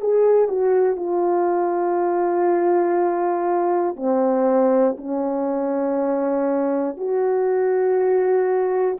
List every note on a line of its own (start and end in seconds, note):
0.00 0.48 G#4
0.48 0.96 F#4
0.96 3.96 F4
3.96 4.96 C4
4.97 6.96 C#4
6.96 8.96 F#4